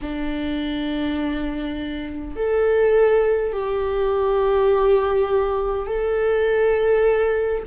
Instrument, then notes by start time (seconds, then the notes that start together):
viola
0.01 D4
2.35 A4
3.52 G4
5.87 A4